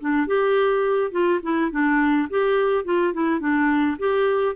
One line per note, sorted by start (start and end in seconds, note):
0.00 0.27 D4
0.27 1.11 G4
1.11 1.40 F4
1.43 1.71 E4
1.71 2.28 D4
2.30 2.85 G4
2.85 3.13 F4
3.14 3.39 E4
3.39 3.97 D4
3.99 4.56 G4